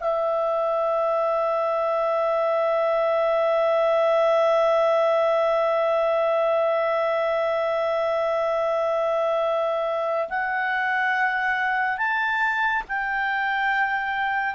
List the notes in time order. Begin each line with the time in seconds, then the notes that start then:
0.00 E5
10.29 F#5
11.98 A5
12.88 G5